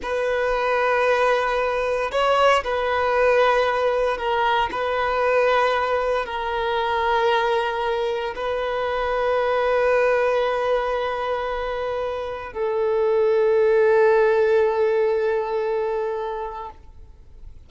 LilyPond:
\new Staff \with { instrumentName = "violin" } { \time 4/4 \tempo 4 = 115 b'1 | cis''4 b'2. | ais'4 b'2. | ais'1 |
b'1~ | b'1 | a'1~ | a'1 | }